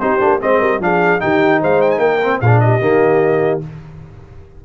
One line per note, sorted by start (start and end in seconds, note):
0.00 0.20 C4
0.00 0.20 D#4
0.00 0.41 G4
0.00 0.40 C5
0.20 0.42 A#3
0.20 0.40 D4
0.41 0.61 G#3
0.41 0.81 C4
0.41 0.59 C5
0.41 0.82 D#5
0.59 0.80 G3
0.59 0.79 A#4
0.80 1.20 F3
0.80 1.20 D4
0.80 1.21 G#4
0.80 1.21 F5
1.20 1.63 D#3
1.20 2.21 D#4
1.20 1.61 G4
1.20 1.61 G5
1.61 1.98 G#3
1.61 2.00 C5
1.61 1.81 F5
1.81 1.91 G5
1.91 2.00 G#5
1.98 2.39 A#3
1.98 2.40 A#4
1.98 2.40 G5
2.23 2.43 C4
2.41 2.81 A#2
2.41 2.81 D4
2.41 2.63 G#4
2.41 2.60 F5
2.60 3.65 G4
2.60 3.61 D#5
2.81 3.62 D#3
2.81 3.61 A#3